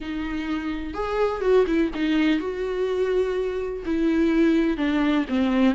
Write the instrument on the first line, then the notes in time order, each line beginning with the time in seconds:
viola
0.00 D#4
0.94 G#4
1.41 F#4
1.67 E4
1.94 D#4
2.39 F#4
3.85 E4
4.77 D4
5.28 C4